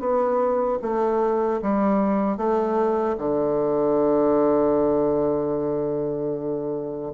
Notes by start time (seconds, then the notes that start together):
0.00 B3
0.82 A3
1.63 G3
2.38 A3
3.18 D3